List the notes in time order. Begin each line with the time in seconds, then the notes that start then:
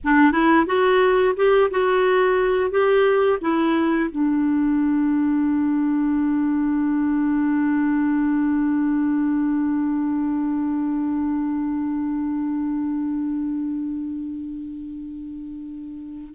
0.03 D4
0.32 E4
0.66 F#4
1.36 G4
1.70 F#4
2.70 G4
3.41 E4
4.11 D4